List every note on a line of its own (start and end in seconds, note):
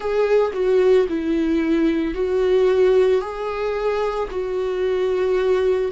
0.00 0.51 G#4
0.53 1.06 F#4
1.09 2.14 E4
2.14 3.21 F#4
3.21 4.28 G#4
4.31 5.91 F#4